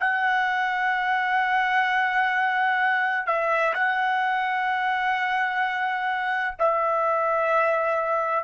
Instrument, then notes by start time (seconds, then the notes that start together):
trumpet
0.00 F#5
3.26 E5
3.74 F#5
6.59 E5